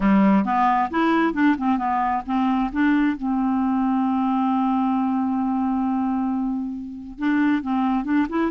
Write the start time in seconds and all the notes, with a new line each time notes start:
0.00 G3
0.45 B3
0.90 E4
1.33 D4
1.58 C4
1.77 B3
2.26 C4
2.72 D4
3.16 C4
7.18 D4
7.62 C4
8.04 D4
8.29 E4